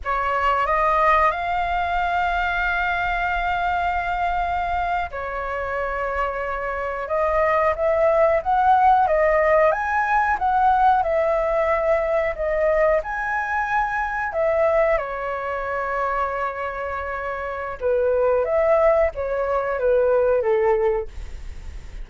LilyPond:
\new Staff \with { instrumentName = "flute" } { \time 4/4 \tempo 4 = 91 cis''4 dis''4 f''2~ | f''2.~ f''8. cis''16~ | cis''2~ cis''8. dis''4 e''16~ | e''8. fis''4 dis''4 gis''4 fis''16~ |
fis''8. e''2 dis''4 gis''16~ | gis''4.~ gis''16 e''4 cis''4~ cis''16~ | cis''2. b'4 | e''4 cis''4 b'4 a'4 | }